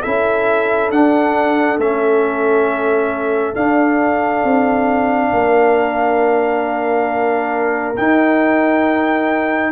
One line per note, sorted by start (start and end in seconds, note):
0.00 0.90 C#4
0.00 0.91 E4
0.00 5.29 A4
0.00 0.90 E5
0.90 1.78 D4
0.90 1.79 D4
0.90 1.79 F#5
1.78 3.54 A3
1.78 3.53 C#4
1.78 3.55 E5
3.53 7.95 D4
3.53 4.44 D4
3.53 7.96 F5
4.44 5.32 C4
5.31 7.97 A#3
5.31 9.72 A#4
7.96 9.72 D#4
7.96 9.72 G5